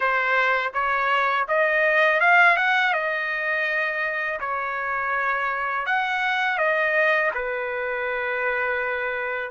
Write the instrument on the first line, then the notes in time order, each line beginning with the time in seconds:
trumpet
0.00 C5
0.73 C#5
1.48 D#5
2.20 F5
2.56 F#5
2.93 D#5
4.39 C#5
5.86 F#5
6.58 D#5
7.34 B4